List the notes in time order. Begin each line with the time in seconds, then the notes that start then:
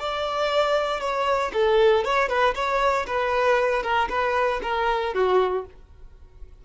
0.00 D5
1.01 C#5
1.54 A4
2.04 C#5
2.29 B4
2.55 C#5
3.07 B4
3.83 A#4
4.09 B4
4.63 A#4
5.14 F#4